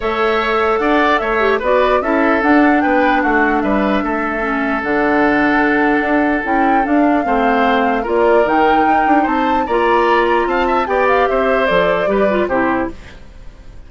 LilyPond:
<<
  \new Staff \with { instrumentName = "flute" } { \time 4/4 \tempo 4 = 149 e''2 fis''4 e''4 | d''4 e''4 fis''4 g''4 | fis''4 e''2. | fis''1 |
g''4 f''2. | d''4 g''2 a''4 | ais''2 a''4 g''8 f''8 | e''4 d''2 c''4 | }
  \new Staff \with { instrumentName = "oboe" } { \time 4/4 cis''2 d''4 cis''4 | b'4 a'2 b'4 | fis'4 b'4 a'2~ | a'1~ |
a'2 c''2 | ais'2. c''4 | d''2 f''8 e''8 d''4 | c''2 b'4 g'4 | }
  \new Staff \with { instrumentName = "clarinet" } { \time 4/4 a'2.~ a'8 g'8 | fis'4 e'4 d'2~ | d'2. cis'4 | d'1 |
e'4 d'4 c'2 | f'4 dis'2. | f'2. g'4~ | g'4 a'4 g'8 f'8 e'4 | }
  \new Staff \with { instrumentName = "bassoon" } { \time 4/4 a2 d'4 a4 | b4 cis'4 d'4 b4 | a4 g4 a2 | d2. d'4 |
cis'4 d'4 a2 | ais4 dis4 dis'8 d'8 c'4 | ais2 c'4 b4 | c'4 f4 g4 c4 | }
>>